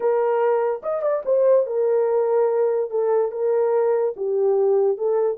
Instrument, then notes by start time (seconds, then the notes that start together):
horn
0.00 A#4
0.83 D#5
1.02 D5
1.25 C5
1.66 A#4
2.90 A4
3.31 A#4
4.16 G4
4.97 A4